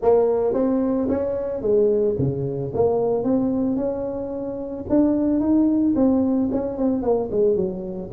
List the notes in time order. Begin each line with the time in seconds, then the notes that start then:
0.01 A#3
0.53 C4
1.08 C#4
1.61 G#3
2.18 C#3
2.73 A#3
3.23 C4
3.76 C#4
4.89 D4
5.40 D#4
5.95 C4
6.51 C#4
6.77 C4
7.02 A#3
7.31 G#3
7.56 F#3